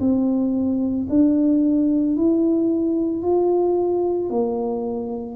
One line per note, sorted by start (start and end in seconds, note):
0.00 1.07 C4
1.10 2.17 D4
2.17 3.23 E4
3.23 4.30 F4
4.30 5.36 A#3